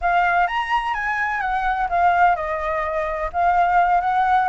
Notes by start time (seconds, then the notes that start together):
0.01 F5
0.47 A#5
0.93 G#5
1.40 F#5
1.89 F5
2.35 D#5
3.32 F5
4.01 F#5